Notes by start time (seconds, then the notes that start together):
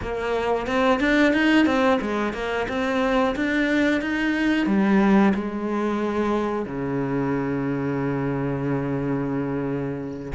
0.02 A#3
0.66 C4
0.99 D4
1.33 D#4
1.65 C4
2.01 G#3
2.33 A#3
2.68 C4
3.35 D4
4.01 D#4
4.66 G3
5.34 G#3
6.65 C#3